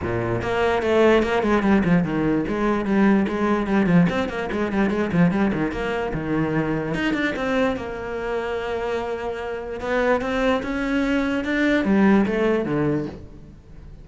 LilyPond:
\new Staff \with { instrumentName = "cello" } { \time 4/4 \tempo 4 = 147 ais,4 ais4 a4 ais8 gis8 | g8 f8 dis4 gis4 g4 | gis4 g8 f8 c'8 ais8 gis8 g8 | gis8 f8 g8 dis8 ais4 dis4~ |
dis4 dis'8 d'8 c'4 ais4~ | ais1 | b4 c'4 cis'2 | d'4 g4 a4 d4 | }